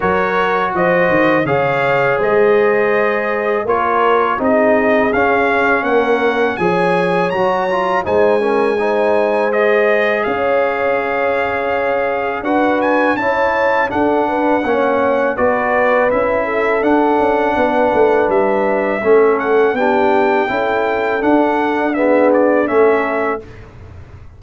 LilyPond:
<<
  \new Staff \with { instrumentName = "trumpet" } { \time 4/4 \tempo 4 = 82 cis''4 dis''4 f''4 dis''4~ | dis''4 cis''4 dis''4 f''4 | fis''4 gis''4 ais''4 gis''4~ | gis''4 dis''4 f''2~ |
f''4 fis''8 gis''8 a''4 fis''4~ | fis''4 d''4 e''4 fis''4~ | fis''4 e''4. fis''8 g''4~ | g''4 fis''4 e''8 d''8 e''4 | }
  \new Staff \with { instrumentName = "horn" } { \time 4/4 ais'4 c''4 cis''4 c''4~ | c''4 ais'4 gis'2 | ais'4 cis''2 c''8 ais'8 | c''2 cis''2~ |
cis''4 b'4 cis''4 a'8 b'8 | cis''4 b'4. a'4. | b'2 a'4 g'4 | a'2 gis'4 a'4 | }
  \new Staff \with { instrumentName = "trombone" } { \time 4/4 fis'2 gis'2~ | gis'4 f'4 dis'4 cis'4~ | cis'4 gis'4 fis'8 f'8 dis'8 cis'8 | dis'4 gis'2.~ |
gis'4 fis'4 e'4 d'4 | cis'4 fis'4 e'4 d'4~ | d'2 cis'4 d'4 | e'4 d'4 b4 cis'4 | }
  \new Staff \with { instrumentName = "tuba" } { \time 4/4 fis4 f8 dis8 cis4 gis4~ | gis4 ais4 c'4 cis'4 | ais4 f4 fis4 gis4~ | gis2 cis'2~ |
cis'4 d'4 cis'4 d'4 | ais4 b4 cis'4 d'8 cis'8 | b8 a8 g4 a4 b4 | cis'4 d'2 a4 | }
>>